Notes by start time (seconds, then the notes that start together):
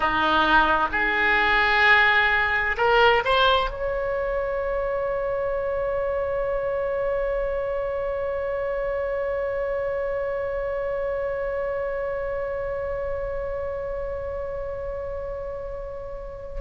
0.00 D#4
0.91 G#4
2.77 A#4
3.24 C5
3.70 C#5